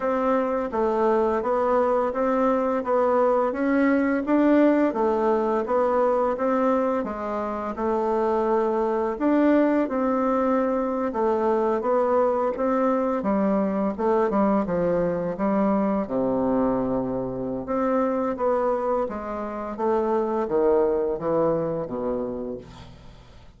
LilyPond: \new Staff \with { instrumentName = "bassoon" } { \time 4/4 \tempo 4 = 85 c'4 a4 b4 c'4 | b4 cis'4 d'4 a4 | b4 c'4 gis4 a4~ | a4 d'4 c'4.~ c'16 a16~ |
a8. b4 c'4 g4 a16~ | a16 g8 f4 g4 c4~ c16~ | c4 c'4 b4 gis4 | a4 dis4 e4 b,4 | }